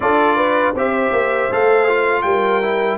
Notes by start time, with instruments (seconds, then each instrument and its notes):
0.00 tuba D4, trombone F4, horn A4, trumpet D5
0.35 horn B4
0.73 tuba C4, trombone G4, horn C5, trumpet E5
1.12 tuba A#3
1.51 tuba A3, trombone A4, trumpet F5
1.88 trombone F4
2.22 tuba G3, horn A#4, trumpet G5
2.62 trombone E4